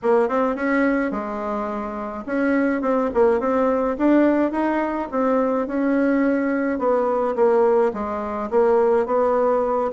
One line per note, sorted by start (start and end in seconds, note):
0.02 0.28 A#3
0.28 0.55 C4
0.55 1.11 C#4
1.11 2.24 G#3
2.26 2.81 C#4
2.81 3.10 C4
3.14 3.40 A#3
3.40 3.96 C4
3.98 4.51 D4
4.51 5.08 D#4
5.11 5.67 C4
5.67 6.78 C#4
6.78 7.35 B3
7.35 7.92 A#3
7.93 8.50 G#3
8.50 9.05 A#3
9.05 9.90 B3